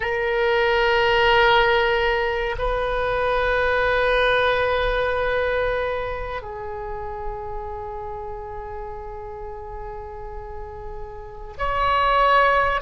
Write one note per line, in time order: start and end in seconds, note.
0.00 2.56 A#4
2.58 6.41 B4
6.41 11.56 G#4
11.58 12.81 C#5